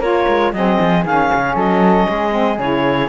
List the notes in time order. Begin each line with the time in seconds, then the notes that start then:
0.00 A#3 F4 A#4 C#5
0.28 G#3
0.53 F#3 C4 G#4 D#5
0.81 F3
1.05 D#3 C#4 F5
1.33 C#3
1.55 F#3 A4 D#5
2.08 G#3 G#4
2.31 C4
2.58 C#3 E4 C#5